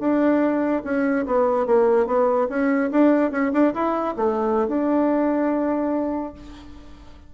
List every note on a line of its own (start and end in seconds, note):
0.00 0.83 D4
0.84 1.26 C#4
1.26 1.66 B3
1.66 2.07 A#3
2.07 2.48 B3
2.49 2.91 C#4
2.91 3.32 D4
3.32 3.52 C#4
3.53 3.74 D4
3.74 4.15 E4
4.17 4.68 A3
4.68 6.34 D4